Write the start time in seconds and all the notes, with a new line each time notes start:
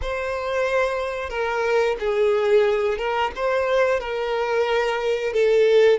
0.02 C5
1.29 A#4
1.99 G#4
2.98 A#4
3.35 C5
4.00 A#4
5.33 A4